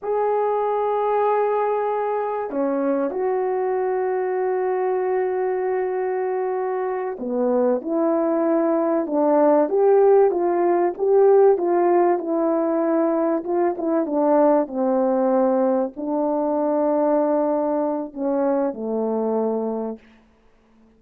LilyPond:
\new Staff \with { instrumentName = "horn" } { \time 4/4 \tempo 4 = 96 gis'1 | cis'4 fis'2.~ | fis'2.~ fis'8 b8~ | b8 e'2 d'4 g'8~ |
g'8 f'4 g'4 f'4 e'8~ | e'4. f'8 e'8 d'4 c'8~ | c'4. d'2~ d'8~ | d'4 cis'4 a2 | }